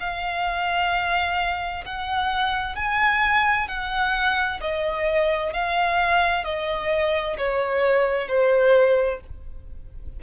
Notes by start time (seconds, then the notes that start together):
0.00 F5
1.85 F#5
2.76 G#5
3.68 F#5
4.61 D#5
5.53 F5
6.44 D#5
7.38 C#5
8.28 C5